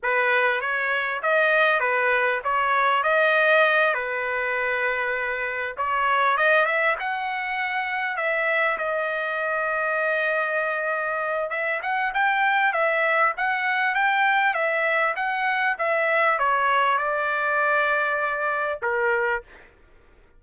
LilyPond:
\new Staff \with { instrumentName = "trumpet" } { \time 4/4 \tempo 4 = 99 b'4 cis''4 dis''4 b'4 | cis''4 dis''4. b'4.~ | b'4. cis''4 dis''8 e''8 fis''8~ | fis''4. e''4 dis''4.~ |
dis''2. e''8 fis''8 | g''4 e''4 fis''4 g''4 | e''4 fis''4 e''4 cis''4 | d''2. ais'4 | }